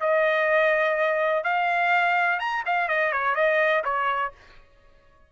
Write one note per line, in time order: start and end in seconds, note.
0.00 1.43 D#5
1.43 2.39 F5
2.39 2.63 A#5
2.66 2.88 F5
2.88 3.12 D#5
3.12 3.35 C#5
3.35 3.83 D#5
3.84 4.32 C#5